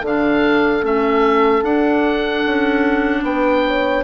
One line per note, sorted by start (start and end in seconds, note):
0.00 0.82 D3
0.00 0.82 D4
0.00 3.20 A4
0.06 0.85 F5
0.82 1.62 A3
0.82 1.62 C#4
0.82 1.64 E5
1.62 2.42 D4
1.62 4.04 D4
1.62 3.24 F#5
2.46 3.23 C#4
3.23 4.03 B3
3.23 3.65 B4
3.23 4.04 G5
3.67 4.04 C#5